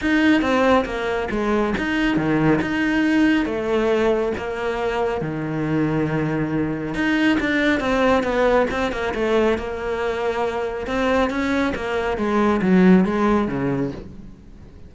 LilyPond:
\new Staff \with { instrumentName = "cello" } { \time 4/4 \tempo 4 = 138 dis'4 c'4 ais4 gis4 | dis'4 dis4 dis'2 | a2 ais2 | dis1 |
dis'4 d'4 c'4 b4 | c'8 ais8 a4 ais2~ | ais4 c'4 cis'4 ais4 | gis4 fis4 gis4 cis4 | }